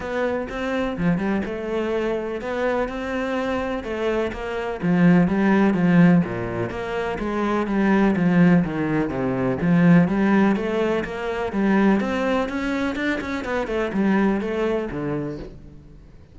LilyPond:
\new Staff \with { instrumentName = "cello" } { \time 4/4 \tempo 4 = 125 b4 c'4 f8 g8 a4~ | a4 b4 c'2 | a4 ais4 f4 g4 | f4 ais,4 ais4 gis4 |
g4 f4 dis4 c4 | f4 g4 a4 ais4 | g4 c'4 cis'4 d'8 cis'8 | b8 a8 g4 a4 d4 | }